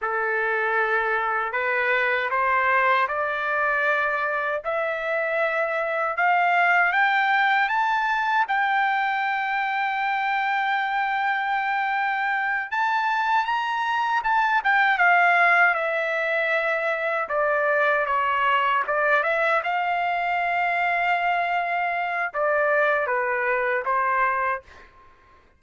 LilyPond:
\new Staff \with { instrumentName = "trumpet" } { \time 4/4 \tempo 4 = 78 a'2 b'4 c''4 | d''2 e''2 | f''4 g''4 a''4 g''4~ | g''1~ |
g''8 a''4 ais''4 a''8 g''8 f''8~ | f''8 e''2 d''4 cis''8~ | cis''8 d''8 e''8 f''2~ f''8~ | f''4 d''4 b'4 c''4 | }